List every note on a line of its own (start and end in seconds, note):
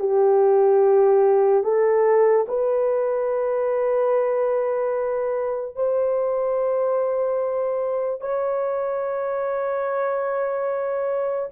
0.00 1.64 G4
1.64 2.46 A4
2.48 5.76 B4
5.76 8.21 C5
8.21 11.50 C#5